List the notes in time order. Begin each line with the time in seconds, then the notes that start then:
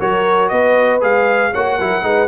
0.00 F#3 F#4 A#4 C#5
0.49 B3 B4 D#5
1.01 G#3 G#4 F5
1.52 A#3 F#4 C#5 F#5
1.77 F#3 E4 A#4
2.02 G#3 D#4 B4